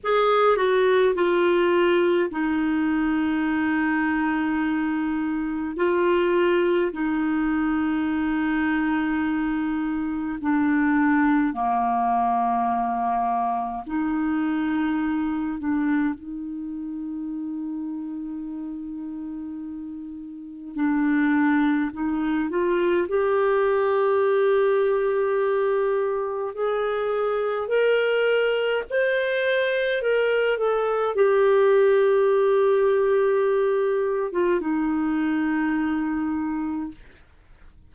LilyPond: \new Staff \with { instrumentName = "clarinet" } { \time 4/4 \tempo 4 = 52 gis'8 fis'8 f'4 dis'2~ | dis'4 f'4 dis'2~ | dis'4 d'4 ais2 | dis'4. d'8 dis'2~ |
dis'2 d'4 dis'8 f'8 | g'2. gis'4 | ais'4 c''4 ais'8 a'8 g'4~ | g'4.~ g'16 f'16 dis'2 | }